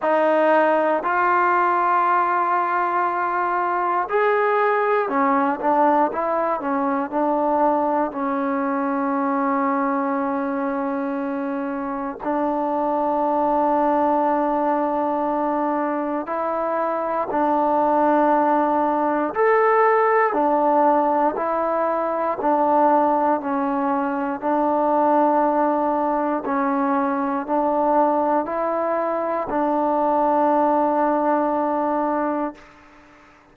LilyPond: \new Staff \with { instrumentName = "trombone" } { \time 4/4 \tempo 4 = 59 dis'4 f'2. | gis'4 cis'8 d'8 e'8 cis'8 d'4 | cis'1 | d'1 |
e'4 d'2 a'4 | d'4 e'4 d'4 cis'4 | d'2 cis'4 d'4 | e'4 d'2. | }